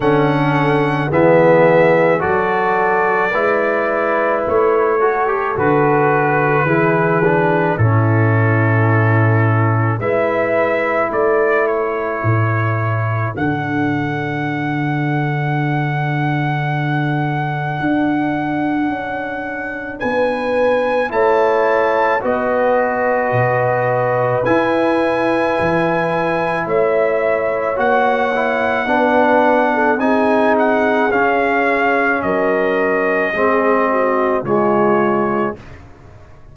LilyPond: <<
  \new Staff \with { instrumentName = "trumpet" } { \time 4/4 \tempo 4 = 54 fis''4 e''4 d''2 | cis''4 b'2 a'4~ | a'4 e''4 d''8 cis''4. | fis''1~ |
fis''2 gis''4 a''4 | dis''2 gis''2 | e''4 fis''2 gis''8 fis''8 | f''4 dis''2 cis''4 | }
  \new Staff \with { instrumentName = "horn" } { \time 4/4 a'4 gis'4 a'4 b'4~ | b'8 a'4. gis'4 e'4~ | e'4 b'4 a'2~ | a'1~ |
a'2 b'4 cis''4 | b'1 | cis''2 b'8. a'16 gis'4~ | gis'4 ais'4 gis'8 fis'8 f'4 | }
  \new Staff \with { instrumentName = "trombone" } { \time 4/4 cis'4 b4 fis'4 e'4~ | e'8 fis'16 g'16 fis'4 e'8 d'8 cis'4~ | cis'4 e'2. | d'1~ |
d'2. e'4 | fis'2 e'2~ | e'4 fis'8 e'8 d'4 dis'4 | cis'2 c'4 gis4 | }
  \new Staff \with { instrumentName = "tuba" } { \time 4/4 d4 e4 fis4 gis4 | a4 d4 e4 a,4~ | a,4 gis4 a4 a,4 | d1 |
d'4 cis'4 b4 a4 | b4 b,4 e'4 e4 | a4 ais4 b4 c'4 | cis'4 fis4 gis4 cis4 | }
>>